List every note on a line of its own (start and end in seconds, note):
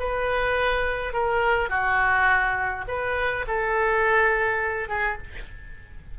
0.00 1.13 B4
1.13 1.70 A#4
1.70 2.85 F#4
2.88 3.46 B4
3.48 4.89 A4
4.89 5.18 G#4